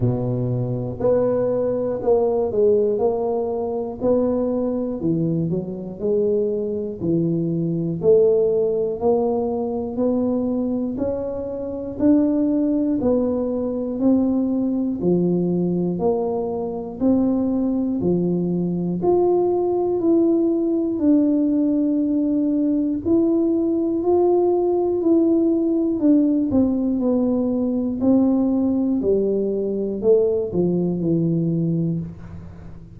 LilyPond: \new Staff \with { instrumentName = "tuba" } { \time 4/4 \tempo 4 = 60 b,4 b4 ais8 gis8 ais4 | b4 e8 fis8 gis4 e4 | a4 ais4 b4 cis'4 | d'4 b4 c'4 f4 |
ais4 c'4 f4 f'4 | e'4 d'2 e'4 | f'4 e'4 d'8 c'8 b4 | c'4 g4 a8 f8 e4 | }